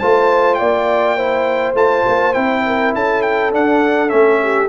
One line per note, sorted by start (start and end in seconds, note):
0.00 0.61 A3
0.00 1.19 F4
0.00 0.59 C5
0.00 0.55 A5
0.55 1.75 A#3
0.55 1.17 D5
0.55 1.73 G5
1.17 1.76 E4
1.17 2.64 C5
1.75 2.04 A3
1.75 2.34 F4
1.75 2.34 A5
2.07 2.36 A#3
2.34 2.95 C4
2.34 3.52 E4
2.34 2.93 G5
2.67 2.95 A#4
2.95 3.53 C#4
2.95 4.42 A4
2.95 3.22 A5
3.22 3.52 G5
3.52 4.09 D4
3.52 4.12 D4
3.52 4.10 F#5
4.09 4.69 A3
4.09 4.67 C#4
4.09 4.69 E5
4.42 4.69 G4